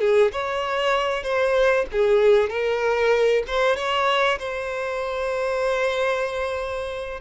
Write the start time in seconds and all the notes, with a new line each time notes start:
0.00 G#4
0.32 C#5
1.23 C5
1.91 G#4
2.49 A#4
3.47 C5
3.76 C#5
4.39 C5